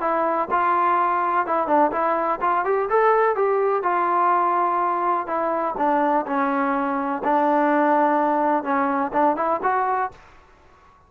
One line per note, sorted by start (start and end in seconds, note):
0.00 0.48 E4
0.50 1.46 F4
1.46 1.67 E4
1.67 1.91 D4
1.91 2.39 E4
2.40 2.64 F4
2.64 2.88 G4
2.89 3.35 A4
3.35 3.82 G4
3.82 5.26 F4
5.27 5.75 E4
5.77 6.25 D4
6.26 7.22 C#4
7.23 8.63 D4
8.63 9.11 C#4
9.12 9.36 D4
9.36 9.60 E4
9.63 10.11 F#4